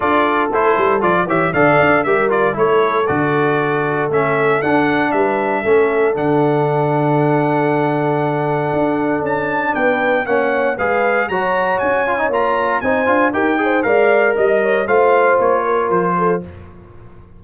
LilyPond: <<
  \new Staff \with { instrumentName = "trumpet" } { \time 4/4 \tempo 4 = 117 d''4 c''4 d''8 e''8 f''4 | e''8 d''8 cis''4 d''2 | e''4 fis''4 e''2 | fis''1~ |
fis''2 a''4 g''4 | fis''4 f''4 ais''4 gis''4 | ais''4 gis''4 g''4 f''4 | dis''4 f''4 cis''4 c''4 | }
  \new Staff \with { instrumentName = "horn" } { \time 4/4 a'2~ a'8 cis''8 d''4 | ais'4 a'2.~ | a'2 b'4 a'4~ | a'1~ |
a'2. b'4 | cis''4 b'4 cis''2~ | cis''4 c''4 ais'8 c''8 d''4 | dis''8 cis''8 c''4. ais'4 a'8 | }
  \new Staff \with { instrumentName = "trombone" } { \time 4/4 f'4 e'4 f'8 g'8 a'4 | g'8 f'8 e'4 fis'2 | cis'4 d'2 cis'4 | d'1~ |
d'1 | cis'4 gis'4 fis'4. f'16 dis'16 | f'4 dis'8 f'8 g'8 gis'8 ais'4~ | ais'4 f'2. | }
  \new Staff \with { instrumentName = "tuba" } { \time 4/4 d'4 a8 g8 f8 e8 d8 d'8 | g4 a4 d2 | a4 d'4 g4 a4 | d1~ |
d4 d'4 cis'4 b4 | ais4 gis4 fis4 cis'4 | ais4 c'8 d'8 dis'4 gis4 | g4 a4 ais4 f4 | }
>>